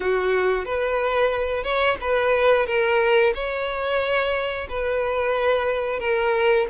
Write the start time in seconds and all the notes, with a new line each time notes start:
0.00 F#4
0.65 B4
1.63 C#5
2.00 B4
2.66 A#4
3.34 C#5
4.69 B4
5.99 A#4